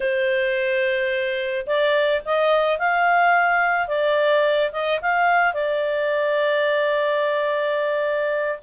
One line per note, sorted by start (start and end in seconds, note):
0.00 1.66 C5
1.66 2.22 D5
2.25 2.78 D#5
2.78 3.87 F5
3.87 4.70 D5
4.72 4.99 D#5
5.01 5.53 F5
5.53 8.59 D5